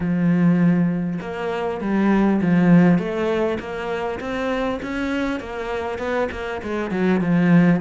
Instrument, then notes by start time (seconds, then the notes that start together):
cello
0.00 F3
1.21 A#3
1.81 G3
2.41 F3
2.98 A3
3.59 A#3
4.20 C4
4.82 C#4
5.40 A#3
5.98 B3
6.31 A#3
6.62 G#3
6.90 F#3
7.21 F3